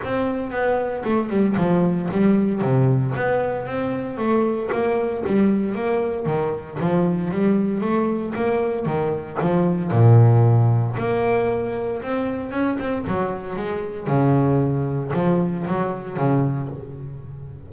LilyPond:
\new Staff \with { instrumentName = "double bass" } { \time 4/4 \tempo 4 = 115 c'4 b4 a8 g8 f4 | g4 c4 b4 c'4 | a4 ais4 g4 ais4 | dis4 f4 g4 a4 |
ais4 dis4 f4 ais,4~ | ais,4 ais2 c'4 | cis'8 c'8 fis4 gis4 cis4~ | cis4 f4 fis4 cis4 | }